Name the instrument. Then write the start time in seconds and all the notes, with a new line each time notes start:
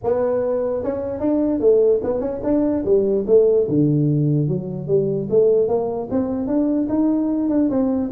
tuba
0.03 B3
0.83 C#4
1.20 D4
1.60 A3
2.03 B3
2.20 C#4
2.43 D4
2.84 G3
3.26 A3
3.68 D3
4.47 F#3
4.87 G3
5.30 A3
5.68 A#3
6.10 C4
6.47 D4
6.88 D#4
7.49 D4
7.70 C4